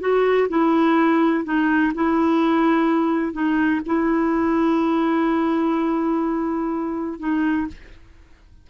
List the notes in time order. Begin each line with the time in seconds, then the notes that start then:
0.00 F#4
0.49 E4
1.44 D#4
1.94 E4
3.33 D#4
3.86 E4
7.19 D#4